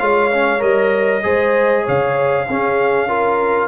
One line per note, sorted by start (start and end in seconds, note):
0.00 0.62 G#3
0.00 0.32 F4
0.00 1.24 C#5
0.00 0.62 F5
0.32 0.59 C#4
0.59 1.24 G3
0.59 1.21 A#4
0.59 1.86 D#5
1.23 1.87 G#3
1.23 2.47 G#4
1.23 1.84 C5
1.84 2.49 C#3
1.84 2.45 C#5
1.84 3.68 F5
2.48 3.68 C#4
2.48 3.09 C#4
2.48 3.08 G#4
3.08 3.68 F4
3.08 3.68 A#4